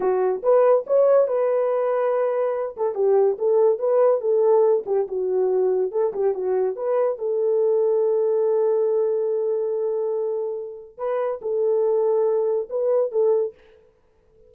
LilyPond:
\new Staff \with { instrumentName = "horn" } { \time 4/4 \tempo 4 = 142 fis'4 b'4 cis''4 b'4~ | b'2~ b'8 a'8 g'4 | a'4 b'4 a'4. g'8 | fis'2 a'8 g'8 fis'4 |
b'4 a'2.~ | a'1~ | a'2 b'4 a'4~ | a'2 b'4 a'4 | }